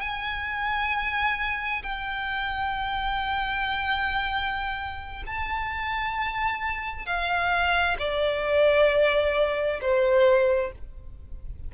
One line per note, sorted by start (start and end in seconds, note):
0.00 1.82 G#5
1.82 5.23 G5
5.26 7.05 A5
7.05 7.96 F5
7.98 9.80 D5
9.81 10.71 C5